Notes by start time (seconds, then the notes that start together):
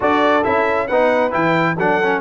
0.00 D4 F#4 A4 D5
0.44 C#4 E4 E5
0.87 B3 D#4 B4 F#5
1.31 E3 E4 G5
1.77 F#3 D4 A4 F#5
2.02 C#4